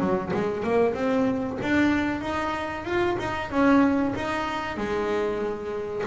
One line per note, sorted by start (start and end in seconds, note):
0.00 0.32 F#3
0.34 0.64 G#3
0.64 0.94 A#3
0.94 1.58 C4
1.62 2.21 D4
2.21 2.85 D#4
2.85 3.17 F4
3.19 3.50 D#4
3.50 4.14 C#4
4.15 4.77 D#4
4.77 6.05 G#3